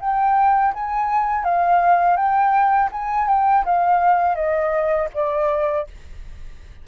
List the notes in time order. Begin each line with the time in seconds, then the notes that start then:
0.00 G5
0.74 G#5
1.44 F5
2.16 G5
2.92 G#5
3.28 G5
3.65 F5
4.35 D#5
5.14 D5